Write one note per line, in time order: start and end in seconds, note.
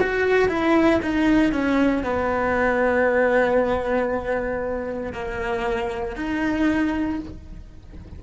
0.00 0.48 F#4
0.48 1.00 E4
1.02 1.52 D#4
1.52 2.03 C#4
2.03 5.13 B3
5.13 6.16 A#3
6.16 7.19 D#4